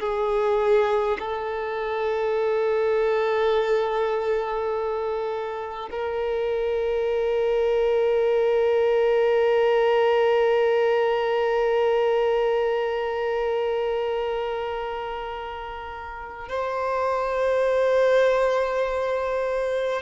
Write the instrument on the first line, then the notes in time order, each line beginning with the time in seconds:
violin
0.00 G#4
1.19 A4
5.91 A#4
16.49 C5